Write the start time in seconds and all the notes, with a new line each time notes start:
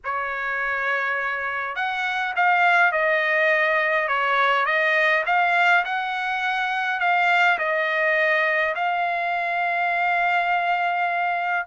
0.04 C#5
1.75 F#5
2.36 F5
2.92 D#5
4.08 C#5
4.65 D#5
5.26 F5
5.84 F#5
7.00 F5
7.58 D#5
8.75 F5